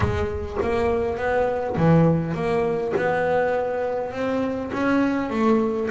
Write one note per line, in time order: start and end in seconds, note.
0.00 0.57 G#3
0.62 1.17 A#3
1.17 1.76 B3
1.76 2.34 E3
2.34 2.93 A#3
2.96 4.12 B3
4.12 4.71 C4
4.73 5.30 C#4
5.30 5.89 A3